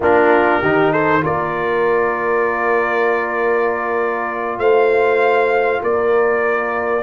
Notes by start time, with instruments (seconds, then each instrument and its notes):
0.00 tuba A#3, trombone D4, horn F4, trumpet A#4
0.60 tuba D#3, trombone D#4, horn G4
0.91 horn A4, trumpet C5
1.21 tuba A#3, trombone F4, horn A#4, trumpet D5
4.58 tuba A3, horn C5, trumpet F5
5.82 tuba A#3, horn A#4, trumpet D5